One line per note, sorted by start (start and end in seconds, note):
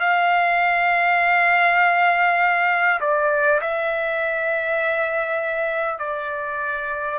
0.00 3.00 F5
3.00 3.60 D5
3.61 5.98 E5
5.98 7.18 D5